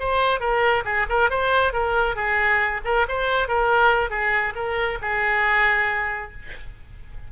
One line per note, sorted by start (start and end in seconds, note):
0.00 0.41 C5
0.41 0.84 A#4
0.85 1.07 G#4
1.10 1.31 A#4
1.31 1.74 C5
1.74 2.16 A#4
2.16 2.81 G#4
2.85 3.07 A#4
3.09 3.48 C5
3.48 4.11 A#4
4.11 4.54 G#4
4.56 4.99 A#4
5.02 6.33 G#4